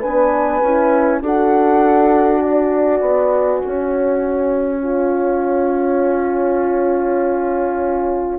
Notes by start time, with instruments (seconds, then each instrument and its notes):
0.00 bassoon B3, horn D4 B4, flute G#5
0.62 bassoon C#4, horn E4
1.22 bassoon D4, horn F#4 A4, flute F#5
2.42 horn D5, flute G#5
3.01 bassoon B3
3.66 bassoon C#4, horn C#5
4.83 horn F4